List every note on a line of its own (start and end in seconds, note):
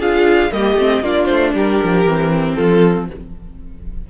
0.00 0.51 D4
0.00 0.52 F4
0.00 0.51 G#4
0.00 0.53 F5
0.51 0.74 G3
0.51 0.77 A#3
0.51 1.03 G4
0.51 1.04 D#5
0.74 1.00 A3
0.74 1.04 C4
1.01 1.27 A#3
1.01 2.06 D4
1.01 1.54 F4
1.01 1.25 D5
1.25 1.55 A3
1.25 1.51 C5
1.54 1.81 G3
1.54 2.56 G4
1.54 2.54 A#4
1.84 2.05 F3
2.05 2.57 E3
2.05 3.10 C4
2.54 3.10 F3
2.54 3.07 F4
2.54 3.06 A4